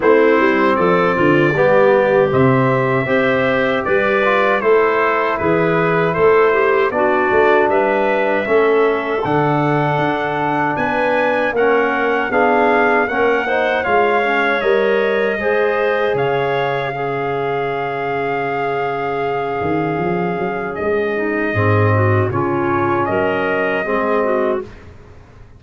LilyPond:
<<
  \new Staff \with { instrumentName = "trumpet" } { \time 4/4 \tempo 4 = 78 c''4 d''2 e''4~ | e''4 d''4 c''4 b'4 | c''4 d''4 e''2 | fis''2 gis''4 fis''4 |
f''4 fis''4 f''4 dis''4~ | dis''4 f''2.~ | f''2. dis''4~ | dis''4 cis''4 dis''2 | }
  \new Staff \with { instrumentName = "clarinet" } { \time 4/4 e'4 a'8 f'8 g'2 | c''4 b'4 a'4 gis'4 | a'8 g'8 fis'4 b'4 a'4~ | a'2 b'4 ais'4 |
gis'4 ais'8 c''8 cis''2 | c''4 cis''4 gis'2~ | gis'2.~ gis'8 dis'8 | gis'8 fis'8 f'4 ais'4 gis'8 fis'8 | }
  \new Staff \with { instrumentName = "trombone" } { \time 4/4 c'2 b4 c'4 | g'4. f'8 e'2~ | e'4 d'2 cis'4 | d'2. cis'4 |
d'4 cis'8 dis'8 f'8 cis'8 ais'4 | gis'2 cis'2~ | cis'1 | c'4 cis'2 c'4 | }
  \new Staff \with { instrumentName = "tuba" } { \time 4/4 a8 g8 f8 d8 g4 c4 | c'4 g4 a4 e4 | a4 b8 a8 g4 a4 | d4 d'4 b4 ais4 |
b4 ais4 gis4 g4 | gis4 cis2.~ | cis4. dis8 f8 fis8 gis4 | gis,4 cis4 fis4 gis4 | }
>>